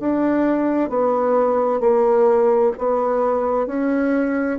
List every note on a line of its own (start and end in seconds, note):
0.00 0.89 D4
0.89 1.80 B3
1.80 2.73 A#3
2.79 3.67 B3
3.67 4.59 C#4